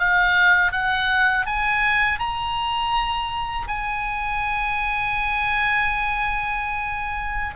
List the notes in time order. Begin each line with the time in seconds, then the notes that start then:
0.00 F5
0.72 F#5
1.46 G#5
2.20 A#5
3.68 G#5